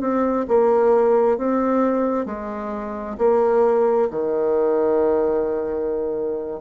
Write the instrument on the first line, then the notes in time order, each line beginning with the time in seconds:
bassoon
0.00 C4
0.48 A#3
1.38 C4
2.26 G#3
3.18 A#3
4.10 D#3